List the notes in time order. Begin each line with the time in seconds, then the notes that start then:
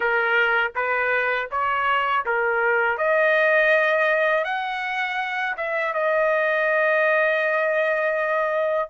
0.00 A#4
0.75 B4
1.51 C#5
2.25 A#4
2.97 D#5
4.44 F#5
5.56 E5
5.93 D#5